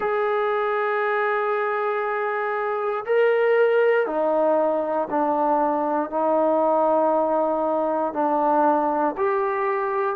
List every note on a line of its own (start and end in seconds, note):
0.00 3.04 G#4
3.05 4.06 A#4
4.06 5.08 D#4
5.09 6.10 D4
6.10 8.13 D#4
8.13 9.15 D4
9.17 10.16 G4